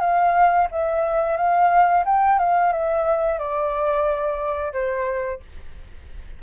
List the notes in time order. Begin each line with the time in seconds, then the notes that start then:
0.00 F5
0.71 E5
1.36 F5
2.05 G5
2.39 F5
2.72 E5
3.38 D5
4.72 C5